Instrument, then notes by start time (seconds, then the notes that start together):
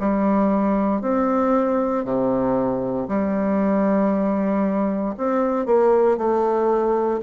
bassoon
0.00 G3
1.01 C4
2.05 C3
3.08 G3
5.17 C4
5.66 A#3
6.17 A3